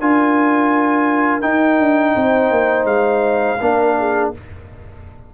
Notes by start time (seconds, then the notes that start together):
0.00 D4 F4 A#4 G#5
1.41 D#4 G5
1.79 D4
2.16 C4 C5
2.51 A#3
2.85 G#3 F5
3.61 A#3 D4 A#4
3.98 G#4